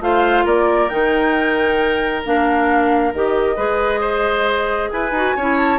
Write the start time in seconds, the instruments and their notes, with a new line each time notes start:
0.00 bassoon A3, clarinet F4, oboe C5, flute F5
0.45 bassoon A#3, oboe A#4, flute D5
0.89 bassoon D#3, clarinet D#4, flute G5
2.25 bassoon A#3, clarinet D4, flute F5
3.14 bassoon D#3, clarinet G4, flute D#5
3.56 bassoon G#3, clarinet G#4, oboe B4
4.00 oboe C5
4.91 bassoon E4, oboe B4, flute G#5
5.11 bassoon D#4, clarinet F#4
5.36 bassoon C#4, clarinet E4, oboe C#5
5.57 flute A5